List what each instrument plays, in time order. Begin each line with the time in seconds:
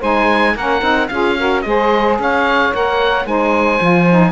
0.00 cello G#3, saxophone D#4 C5, oboe G#5
0.55 cello A#3, saxophone C#4 A#4, oboe F#5
0.82 cello C4, saxophone D#4
1.08 cello C#4, saxophone F4 G#4, oboe F5
1.37 saxophone F#4 A#4
1.62 cello G#3, saxophone G#4, oboe D#5
1.68 saxophone C5
2.19 cello C#4, saxophone C#5, oboe F5
2.73 cello A#3, saxophone A#4, oboe F#5
3.25 cello G#3, saxophone D#4 C5, oboe G#5
3.81 cello F3, saxophone F4
4.10 saxophone D#4